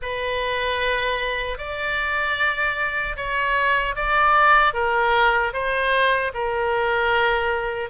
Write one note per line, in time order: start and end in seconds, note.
0.01 1.58 B4
1.58 3.16 D5
3.16 3.95 C#5
3.95 4.73 D5
4.73 5.52 A#4
5.53 6.32 C5
6.34 7.89 A#4